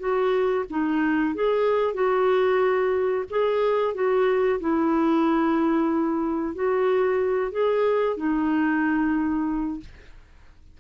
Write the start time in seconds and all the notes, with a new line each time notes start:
0.00 F#4
0.70 D#4
1.35 G#4
1.94 F#4
3.30 G#4
3.95 F#4
4.60 E4
6.55 F#4
7.52 G#4
8.17 D#4